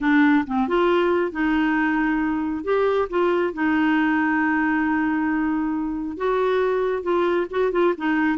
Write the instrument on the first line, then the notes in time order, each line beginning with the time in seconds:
clarinet
0.00 D4
0.47 C4
0.67 F4
1.31 D#4
2.64 G4
3.09 F4
3.53 D#4
6.17 F#4
7.02 F4
7.50 F#4
7.72 F4
7.97 D#4